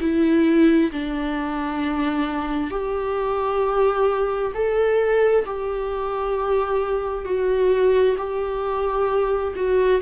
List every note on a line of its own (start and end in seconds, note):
0.00 0.91 E4
0.92 2.70 D4
2.70 4.52 G4
4.54 5.45 A4
5.45 7.25 G4
7.25 8.16 F#4
8.17 9.54 G4
9.55 10.01 F#4